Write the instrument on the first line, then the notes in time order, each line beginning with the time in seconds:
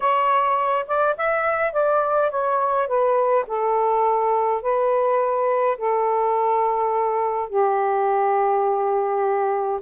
saxophone
0.00 C#5
0.87 D5
1.17 E5
1.72 D5
2.30 C#5
2.87 B4
3.47 A4
4.62 B4
5.77 A4
7.49 G4